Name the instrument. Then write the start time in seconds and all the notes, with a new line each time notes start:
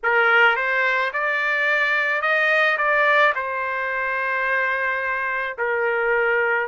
trumpet
0.03 A#4
0.56 C5
1.13 D5
2.21 D#5
2.77 D5
3.35 C5
5.58 A#4